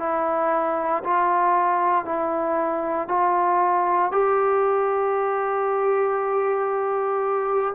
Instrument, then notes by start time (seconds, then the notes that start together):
trombone
0.00 E4
1.04 F4
2.05 E4
3.09 F4
4.12 G4